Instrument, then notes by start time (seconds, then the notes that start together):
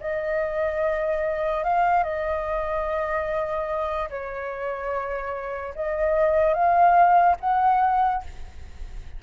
flute
0.00 D#5
1.64 F5
2.03 D#5
4.09 C#5
5.75 D#5
6.53 F5
7.40 F#5